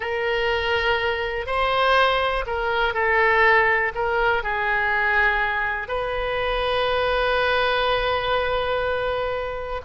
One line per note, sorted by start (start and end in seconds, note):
0.00 1.46 A#4
1.46 2.45 C5
2.46 2.94 A#4
2.94 3.92 A4
3.95 4.43 A#4
4.43 5.88 G#4
5.88 9.81 B4